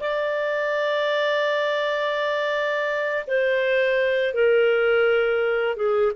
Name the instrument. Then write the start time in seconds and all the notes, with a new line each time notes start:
clarinet
0.00 D5
3.27 C5
4.33 A#4
5.76 G#4